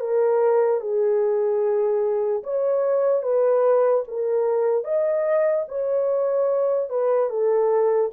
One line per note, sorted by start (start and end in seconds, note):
0.00 0.81 A#4
0.81 2.43 G#4
2.43 3.22 C#5
3.22 4.04 B4
4.08 4.84 A#4
4.84 5.65 D#5
5.68 6.89 C#5
6.89 7.30 B4
7.30 8.11 A4